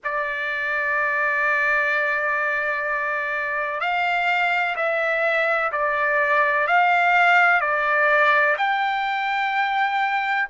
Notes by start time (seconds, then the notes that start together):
0.03 D5
3.80 F5
4.76 E5
5.71 D5
6.67 F5
7.61 D5
8.57 G5